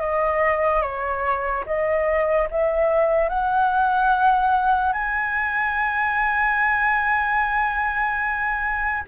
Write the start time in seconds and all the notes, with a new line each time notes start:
0.00 D#5
0.81 C#5
1.66 D#5
2.50 E5
3.29 F#5
4.92 G#5